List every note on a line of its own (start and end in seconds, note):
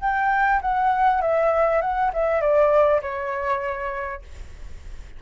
0.00 0.60 G5
0.61 1.21 F#5
1.21 1.81 E5
1.81 2.11 F#5
2.13 2.41 E5
2.41 3.01 D5
3.02 4.22 C#5